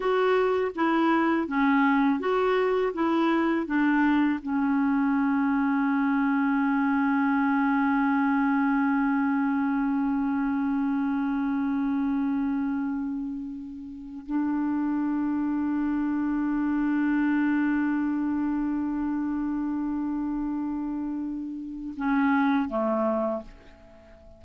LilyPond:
\new Staff \with { instrumentName = "clarinet" } { \time 4/4 \tempo 4 = 82 fis'4 e'4 cis'4 fis'4 | e'4 d'4 cis'2~ | cis'1~ | cis'1~ |
cis'2.~ cis'8 d'8~ | d'1~ | d'1~ | d'2 cis'4 a4 | }